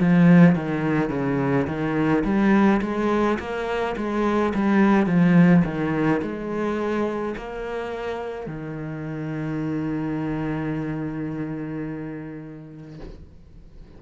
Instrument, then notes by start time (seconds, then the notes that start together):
cello
0.00 F3
0.56 D#3
1.10 C#3
1.67 D#3
2.25 G3
2.82 G#3
3.39 A#3
3.97 G#3
4.55 G3
5.07 F3
5.65 D#3
6.22 G#3
7.37 A#3
8.47 D#3